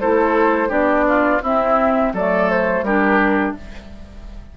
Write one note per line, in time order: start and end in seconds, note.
0.00 0.69 A3
0.00 0.68 E4
0.00 0.68 A4
0.00 0.71 C5
0.68 1.40 B3
0.68 1.39 D4
0.68 1.04 G4
0.68 1.41 D5
1.08 1.42 F4
1.42 2.12 C4
1.42 2.15 C4
1.42 2.12 E4
1.42 2.13 E5
2.13 2.81 F#3
2.13 2.86 A3
2.13 2.84 A4
2.13 2.49 D5
2.49 2.83 C5
2.81 3.52 G3
2.81 3.57 D4
2.81 3.56 G4
2.81 3.54 A#4